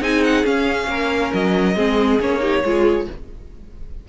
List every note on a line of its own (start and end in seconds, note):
0.00 0.44 C4
0.00 0.44 D#4
0.00 0.87 G#4
0.00 0.24 G#5
0.24 0.45 F#5
0.44 1.74 C#4
0.44 0.87 C#4
0.44 1.33 F5
0.87 1.31 A#3
0.87 1.76 A#4
1.33 1.75 F#3
1.33 2.20 D#5
1.75 2.19 G#3
1.75 2.20 C4
1.75 2.41 G#4
2.19 2.63 A#3
2.19 2.40 C#4
2.19 3.08 C#5
2.40 2.62 D#4
2.40 2.63 G4
2.63 3.07 G#3
2.63 3.08 F4
2.63 3.09 G#4